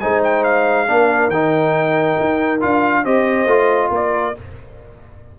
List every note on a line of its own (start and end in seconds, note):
0.00 0.88 G#3
0.00 0.87 D#4
0.00 0.88 C5
0.00 0.22 G#5
0.24 0.44 G5
0.44 1.30 F5
0.87 1.28 A#3
0.87 1.31 D4
0.87 3.03 A#4
1.28 2.15 D#3
1.28 2.61 D#4
1.28 2.61 G5
2.20 2.63 D#4
2.61 3.05 D4
2.61 3.04 F4
2.61 3.05 F5
3.03 3.46 C4
3.03 3.48 G4
3.03 3.90 C5
3.03 3.92 D#5
3.46 3.90 A3
3.46 4.35 F4
3.90 4.34 A#3
3.90 4.37 A#4
3.90 4.39 D5